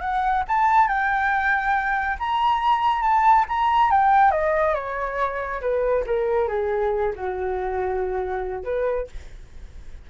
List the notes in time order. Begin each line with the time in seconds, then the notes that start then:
0.00 F#5
0.48 A5
0.88 G5
2.19 A#5
3.02 A5
3.48 A#5
3.91 G5
4.31 D#5
4.74 C#5
5.61 B4
6.06 A#4
6.48 G#4
7.16 F#4
8.64 B4